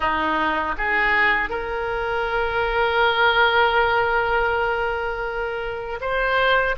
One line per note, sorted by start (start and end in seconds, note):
0.00 0.75 D#4
0.77 1.49 G#4
1.49 5.99 A#4
6.00 6.75 C5